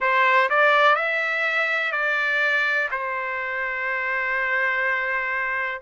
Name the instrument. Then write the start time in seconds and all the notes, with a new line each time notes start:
trumpet
0.00 C5
0.49 D5
0.95 E5
1.91 D5
2.91 C5